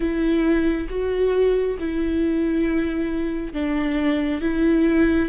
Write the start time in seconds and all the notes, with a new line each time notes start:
0.00 E4
0.89 F#4
1.79 E4
3.53 D4
4.41 E4